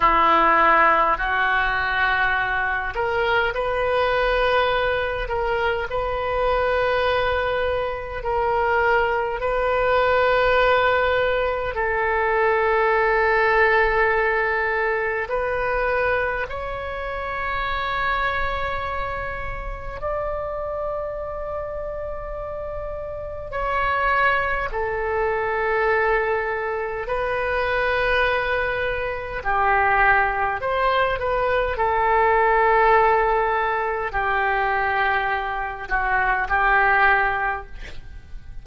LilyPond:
\new Staff \with { instrumentName = "oboe" } { \time 4/4 \tempo 4 = 51 e'4 fis'4. ais'8 b'4~ | b'8 ais'8 b'2 ais'4 | b'2 a'2~ | a'4 b'4 cis''2~ |
cis''4 d''2. | cis''4 a'2 b'4~ | b'4 g'4 c''8 b'8 a'4~ | a'4 g'4. fis'8 g'4 | }